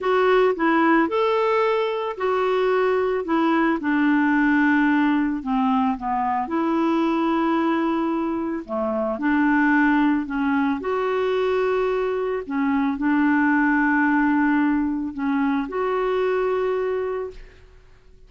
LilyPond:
\new Staff \with { instrumentName = "clarinet" } { \time 4/4 \tempo 4 = 111 fis'4 e'4 a'2 | fis'2 e'4 d'4~ | d'2 c'4 b4 | e'1 |
a4 d'2 cis'4 | fis'2. cis'4 | d'1 | cis'4 fis'2. | }